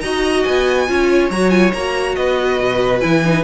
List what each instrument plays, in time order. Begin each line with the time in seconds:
0.00 cello D#4, viola F#4, violin D#5 A#5
0.43 cello B3, violin G#5
0.87 cello C#4, viola F4, violin C#5
1.30 cello F#3, viola F#4, violin A#5
1.50 viola F4, violin G#5
1.73 cello A#3, viola F#4, violin A#5
2.15 cello B3, violin B4 D#5
2.59 cello B2
3.00 cello E3, viola E4, violin G#5
3.24 viola D#4